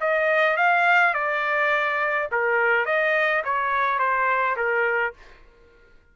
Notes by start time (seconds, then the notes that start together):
0.00 D#5
0.56 F5
1.14 D5
2.31 A#4
2.85 D#5
3.44 C#5
3.98 C5
4.56 A#4